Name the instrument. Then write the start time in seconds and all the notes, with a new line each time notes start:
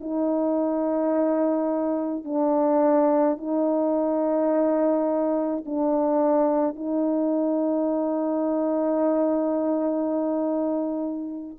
horn
0.00 D#4
2.24 D4
3.38 D#4
5.66 D4
6.76 D#4